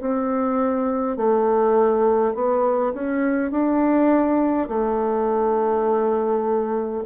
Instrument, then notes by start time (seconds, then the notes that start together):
bassoon
0.00 C4
1.17 A3
2.34 B3
2.93 C#4
3.51 D4
4.68 A3